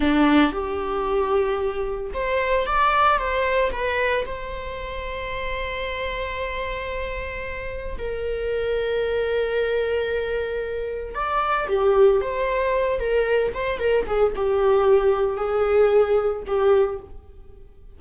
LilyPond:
\new Staff \with { instrumentName = "viola" } { \time 4/4 \tempo 4 = 113 d'4 g'2. | c''4 d''4 c''4 b'4 | c''1~ | c''2. ais'4~ |
ais'1~ | ais'4 d''4 g'4 c''4~ | c''8 ais'4 c''8 ais'8 gis'8 g'4~ | g'4 gis'2 g'4 | }